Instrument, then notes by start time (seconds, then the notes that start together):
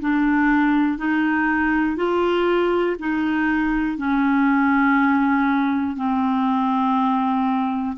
clarinet
0.00 D4
0.98 D#4
1.96 F4
2.99 D#4
3.98 C#4
5.96 C4